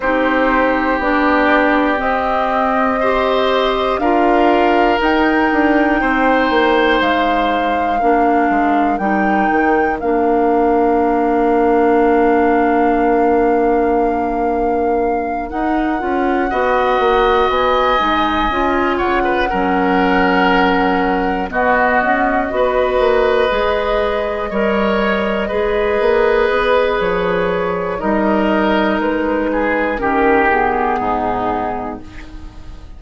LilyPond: <<
  \new Staff \with { instrumentName = "flute" } { \time 4/4 \tempo 4 = 60 c''4 d''4 dis''2 | f''4 g''2 f''4~ | f''4 g''4 f''2~ | f''2.~ f''8 fis''8~ |
fis''4. gis''4. fis''4~ | fis''4. dis''2~ dis''8~ | dis''2. cis''4 | dis''4 b'4 ais'8 gis'4. | }
  \new Staff \with { instrumentName = "oboe" } { \time 4/4 g'2. c''4 | ais'2 c''2 | ais'1~ | ais'1~ |
ais'8 dis''2~ dis''8 cis''16 b'16 ais'8~ | ais'4. fis'4 b'4.~ | b'8 cis''4 b'2~ b'8 | ais'4. gis'8 g'4 dis'4 | }
  \new Staff \with { instrumentName = "clarinet" } { \time 4/4 dis'4 d'4 c'4 g'4 | f'4 dis'2. | d'4 dis'4 d'2~ | d'2.~ d'8 dis'8 |
f'8 fis'4. dis'8 f'4 cis'8~ | cis'4. b4 fis'4 gis'8~ | gis'8 ais'4 gis'2~ gis'8 | dis'2 cis'8 b4. | }
  \new Staff \with { instrumentName = "bassoon" } { \time 4/4 c'4 b4 c'2 | d'4 dis'8 d'8 c'8 ais8 gis4 | ais8 gis8 g8 dis8 ais2~ | ais2.~ ais8 dis'8 |
cis'8 b8 ais8 b8 gis8 cis'8 cis8 fis8~ | fis4. b8 cis'8 b8 ais8 gis8~ | gis8 g4 gis8 ais8 b8 f4 | g4 gis4 dis4 gis,4 | }
>>